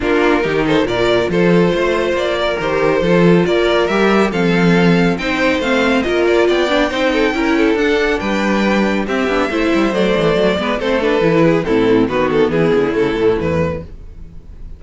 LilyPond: <<
  \new Staff \with { instrumentName = "violin" } { \time 4/4 \tempo 4 = 139 ais'4. c''8 d''4 c''4~ | c''4 d''4 c''2 | d''4 e''4 f''2 | g''4 f''4 dis''8 d''8 g''4~ |
g''2 fis''4 g''4~ | g''4 e''2 d''4~ | d''4 c''8 b'4. a'4 | b'8 a'8 gis'4 a'4 b'4 | }
  \new Staff \with { instrumentName = "violin" } { \time 4/4 f'4 g'8 a'8 ais'4 a'4 | c''4. ais'4. a'4 | ais'2 a'2 | c''2 ais'4 d''4 |
c''8 a'8 ais'8 a'4. b'4~ | b'4 g'4 c''2~ | c''8 b'8 a'4. gis'8 e'4 | fis'4 e'2. | }
  \new Staff \with { instrumentName = "viola" } { \time 4/4 d'4 dis'4 f'2~ | f'2 g'4 f'4~ | f'4 g'4 c'2 | dis'4 c'4 f'4. d'8 |
dis'4 e'4 d'2~ | d'4 c'8 d'8 e'4 a4~ | a8 b8 c'8 d'8 e'4 c'4 | b2 a2 | }
  \new Staff \with { instrumentName = "cello" } { \time 4/4 ais4 dis4 ais,4 f4 | a4 ais4 dis4 f4 | ais4 g4 f2 | c'4 a4 ais4 b4 |
c'4 cis'4 d'4 g4~ | g4 c'8 b8 a8 g8 fis8 e8 | fis8 gis8 a4 e4 a,4 | dis4 e8 d8 cis8 a,8 e,4 | }
>>